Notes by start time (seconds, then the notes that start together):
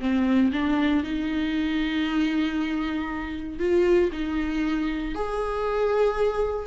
0.00 C4
0.52 D4
1.03 D#4
3.59 F4
4.12 D#4
5.15 G#4